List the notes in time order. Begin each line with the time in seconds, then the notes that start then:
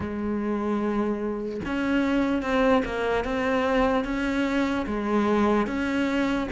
0.00 G#3
1.65 C#4
2.42 C4
2.85 A#3
3.24 C4
4.04 C#4
4.86 G#3
5.66 C#4